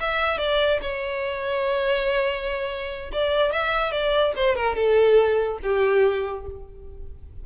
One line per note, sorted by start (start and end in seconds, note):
0.00 0.38 E5
0.38 0.80 D5
0.82 3.11 C#5
3.12 3.52 D5
3.52 3.92 E5
3.92 4.33 D5
4.36 4.56 C5
4.56 4.76 A#4
4.76 5.59 A4
5.63 6.46 G4